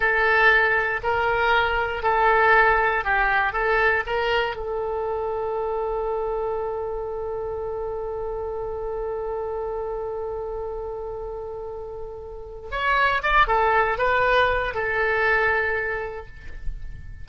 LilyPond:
\new Staff \with { instrumentName = "oboe" } { \time 4/4 \tempo 4 = 118 a'2 ais'2 | a'2 g'4 a'4 | ais'4 a'2.~ | a'1~ |
a'1~ | a'1~ | a'4 cis''4 d''8 a'4 b'8~ | b'4 a'2. | }